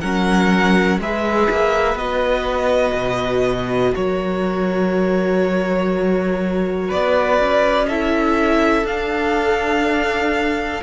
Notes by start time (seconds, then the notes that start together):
0.00 F#3 C#4 A#4 F#5
0.99 G#3 G#4 B4 E5
1.50 A#3
1.95 B3 F#4 D#5
2.94 B2
3.95 F#3 A#4 C#5
6.88 B3 B4 D5
7.38 C#4
7.88 E4 A4 E5
8.83 D4 F5